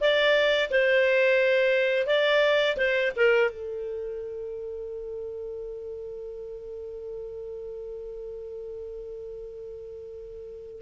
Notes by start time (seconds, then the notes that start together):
0.00 D5
0.71 C5
2.07 D5
2.77 C5
3.16 A#4
3.51 A4